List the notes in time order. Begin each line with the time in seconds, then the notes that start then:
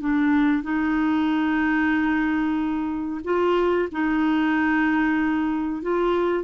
0.00 D4
0.63 D#4
3.24 F4
3.91 D#4
5.82 F4